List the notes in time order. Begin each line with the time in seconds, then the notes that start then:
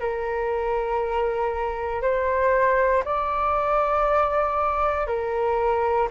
0.00 A#4
2.02 C5
3.05 D5
5.07 A#4